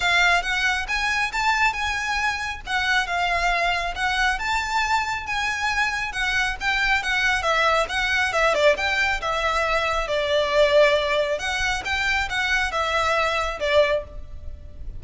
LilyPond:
\new Staff \with { instrumentName = "violin" } { \time 4/4 \tempo 4 = 137 f''4 fis''4 gis''4 a''4 | gis''2 fis''4 f''4~ | f''4 fis''4 a''2 | gis''2 fis''4 g''4 |
fis''4 e''4 fis''4 e''8 d''8 | g''4 e''2 d''4~ | d''2 fis''4 g''4 | fis''4 e''2 d''4 | }